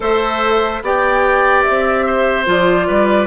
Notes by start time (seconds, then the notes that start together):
0.00 A3 A4 C5 E5
0.82 B3 G4 D5 G5
1.62 E5
1.68 C4
2.06 C5
2.45 F3 F4 D5
2.87 G3 B4